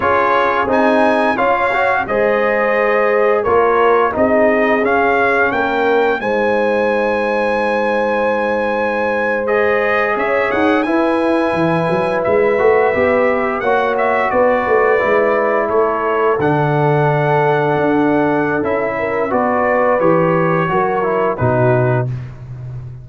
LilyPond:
<<
  \new Staff \with { instrumentName = "trumpet" } { \time 4/4 \tempo 4 = 87 cis''4 gis''4 f''4 dis''4~ | dis''4 cis''4 dis''4 f''4 | g''4 gis''2.~ | gis''4.~ gis''16 dis''4 e''8 fis''8 gis''16~ |
gis''4.~ gis''16 e''2 fis''16~ | fis''16 e''8 d''2 cis''4 fis''16~ | fis''2. e''4 | d''4 cis''2 b'4 | }
  \new Staff \with { instrumentName = "horn" } { \time 4/4 gis'2 cis''4 c''4~ | c''4 ais'4 gis'2 | ais'4 c''2.~ | c''2~ c''8. cis''4 b'16~ |
b'2.~ b'8. cis''16~ | cis''8. b'2 a'4~ a'16~ | a'2.~ a'8 ais'8 | b'2 ais'4 fis'4 | }
  \new Staff \with { instrumentName = "trombone" } { \time 4/4 f'4 dis'4 f'8 fis'8 gis'4~ | gis'4 f'4 dis'4 cis'4~ | cis'4 dis'2.~ | dis'4.~ dis'16 gis'2 e'16~ |
e'2~ e'16 fis'8 g'4 fis'16~ | fis'4.~ fis'16 e'2 d'16~ | d'2. e'4 | fis'4 g'4 fis'8 e'8 dis'4 | }
  \new Staff \with { instrumentName = "tuba" } { \time 4/4 cis'4 c'4 cis'4 gis4~ | gis4 ais4 c'4 cis'4 | ais4 gis2.~ | gis2~ gis8. cis'8 dis'8 e'16~ |
e'8. e8 fis8 gis8 a8 b4 ais16~ | ais8. b8 a8 gis4 a4 d16~ | d4.~ d16 d'4~ d'16 cis'4 | b4 e4 fis4 b,4 | }
>>